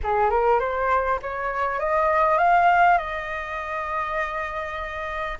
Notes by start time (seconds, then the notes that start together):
0.03 G#4
0.30 A#4
0.59 C5
1.22 C#5
1.79 D#5
2.38 F5
2.98 D#5